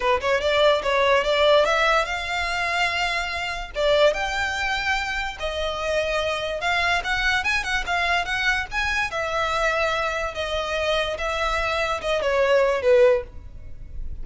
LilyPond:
\new Staff \with { instrumentName = "violin" } { \time 4/4 \tempo 4 = 145 b'8 cis''8 d''4 cis''4 d''4 | e''4 f''2.~ | f''4 d''4 g''2~ | g''4 dis''2. |
f''4 fis''4 gis''8 fis''8 f''4 | fis''4 gis''4 e''2~ | e''4 dis''2 e''4~ | e''4 dis''8 cis''4. b'4 | }